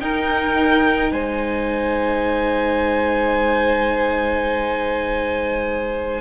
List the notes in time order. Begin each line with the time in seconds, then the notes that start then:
0.00 D#4 A#4 G5
1.12 G#3 C5 G#5